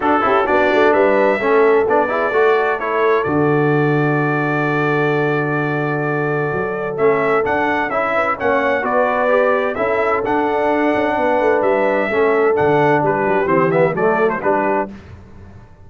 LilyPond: <<
  \new Staff \with { instrumentName = "trumpet" } { \time 4/4 \tempo 4 = 129 a'4 d''4 e''2 | d''2 cis''4 d''4~ | d''1~ | d''2. e''4 |
fis''4 e''4 fis''4 d''4~ | d''4 e''4 fis''2~ | fis''4 e''2 fis''4 | b'4 c''8 e''8 d''8. c''16 b'4 | }
  \new Staff \with { instrumentName = "horn" } { \time 4/4 fis'8 g'8 fis'4 b'4 a'4~ | a'8 gis'8 a'2.~ | a'1~ | a'1~ |
a'4. b'8 cis''4 b'4~ | b'4 a'2. | b'2 a'2 | g'2 a'4 g'4 | }
  \new Staff \with { instrumentName = "trombone" } { \time 4/4 d'8 e'8 d'2 cis'4 | d'8 e'8 fis'4 e'4 fis'4~ | fis'1~ | fis'2. cis'4 |
d'4 e'4 cis'4 fis'4 | g'4 e'4 d'2~ | d'2 cis'4 d'4~ | d'4 c'8 b8 a4 d'4 | }
  \new Staff \with { instrumentName = "tuba" } { \time 4/4 d'8 cis'8 b8 a8 g4 a4 | b4 a2 d4~ | d1~ | d2 fis4 a4 |
d'4 cis'4 ais4 b4~ | b4 cis'4 d'4. cis'8 | b8 a8 g4 a4 d4 | g8 fis8 e4 fis4 g4 | }
>>